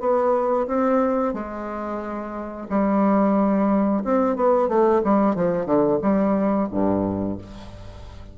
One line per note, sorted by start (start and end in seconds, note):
0.00 0.67 B3
0.67 1.34 C4
1.34 2.67 G#3
2.69 4.03 G3
4.04 4.36 C4
4.36 4.68 B3
4.68 5.02 A3
5.04 5.35 G3
5.35 5.65 F3
5.65 5.98 D3
6.02 6.68 G3
6.71 7.38 G2